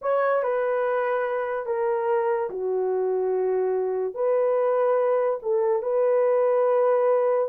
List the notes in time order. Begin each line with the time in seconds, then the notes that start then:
0.01 C#5
0.42 B4
1.66 A#4
2.50 F#4
4.14 B4
5.42 A4
5.82 B4